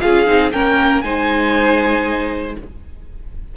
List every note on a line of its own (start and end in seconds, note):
0.00 0.28 C#4
0.00 0.26 F4
0.00 0.53 G#4
0.00 0.51 F5
0.26 0.53 C4
0.26 0.51 D#4
0.52 1.03 A#3
0.52 1.03 C#4
0.52 1.04 A#4
0.52 1.01 G5
1.01 2.56 G#3
1.01 2.56 D#4
1.01 2.56 C5
1.01 2.54 G#5